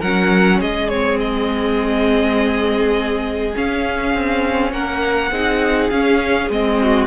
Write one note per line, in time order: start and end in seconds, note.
0.00 0.62 F#3
0.00 0.91 C#4
0.00 0.59 A#4
0.00 0.60 F#5
0.60 3.56 G#3
0.60 4.72 G#4
0.60 0.89 D#5
0.89 3.55 C4
0.89 1.19 C#5
1.20 3.56 D#5
3.55 5.31 C#4
3.55 4.14 C#4
3.55 4.73 F5
4.14 4.73 C4
4.73 5.31 A#3
4.73 5.31 A#4
4.73 5.90 F#5
5.32 5.90 C4
5.32 5.92 D#4
5.32 6.79 G#4
5.90 6.50 C#4
5.90 6.51 C#4
5.90 6.49 F5
6.50 7.07 G#3
6.50 7.07 C4
6.50 7.07 D#5
6.82 7.07 F#4